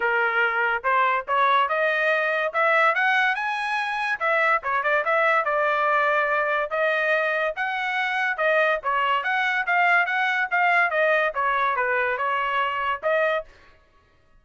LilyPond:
\new Staff \with { instrumentName = "trumpet" } { \time 4/4 \tempo 4 = 143 ais'2 c''4 cis''4 | dis''2 e''4 fis''4 | gis''2 e''4 cis''8 d''8 | e''4 d''2. |
dis''2 fis''2 | dis''4 cis''4 fis''4 f''4 | fis''4 f''4 dis''4 cis''4 | b'4 cis''2 dis''4 | }